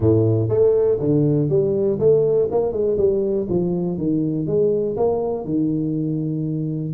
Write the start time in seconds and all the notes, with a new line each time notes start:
0.00 A2
0.48 A3
0.99 D3
1.49 G3
1.99 A3
2.50 A#3
2.72 G#3
2.97 G3
3.49 F3
3.97 D#3
4.47 G#3
4.96 A#3
5.44 D#3